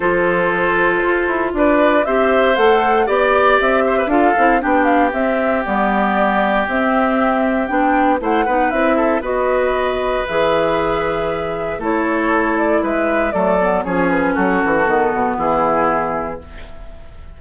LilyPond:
<<
  \new Staff \with { instrumentName = "flute" } { \time 4/4 \tempo 4 = 117 c''2. d''4 | e''4 fis''4 d''4 e''4 | f''4 g''8 f''8 e''4 d''4~ | d''4 e''2 g''4 |
fis''4 e''4 dis''2 | e''2. cis''4~ | cis''8 d''8 e''4 d''4 cis''8 b'8 | a'2 gis'2 | }
  \new Staff \with { instrumentName = "oboe" } { \time 4/4 a'2. b'4 | c''2 d''4. c''16 b'16 | a'4 g'2.~ | g'1 |
c''8 b'4 a'8 b'2~ | b'2. a'4~ | a'4 b'4 a'4 gis'4 | fis'2 e'2 | }
  \new Staff \with { instrumentName = "clarinet" } { \time 4/4 f'1 | g'4 a'4 g'2 | f'8 e'8 d'4 c'4 b4~ | b4 c'2 d'4 |
e'8 dis'8 e'4 fis'2 | gis'2. e'4~ | e'2 a8 b8 cis'4~ | cis'4 b2. | }
  \new Staff \with { instrumentName = "bassoon" } { \time 4/4 f2 f'8 e'8 d'4 | c'4 a4 b4 c'4 | d'8 c'8 b4 c'4 g4~ | g4 c'2 b4 |
a8 b8 c'4 b2 | e2. a4~ | a4 gis4 fis4 f4 | fis8 e8 dis8 b,8 e2 | }
>>